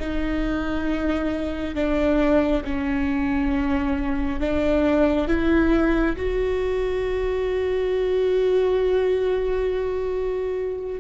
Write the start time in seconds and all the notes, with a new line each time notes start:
0.00 D#4
1.75 D4
2.64 C#4
4.40 D4
5.28 E4
6.17 F#4